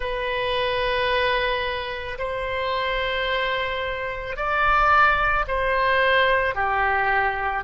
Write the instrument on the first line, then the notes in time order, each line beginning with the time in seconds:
oboe
0.00 B4
2.18 C5
4.36 D5
5.47 C5
6.55 G4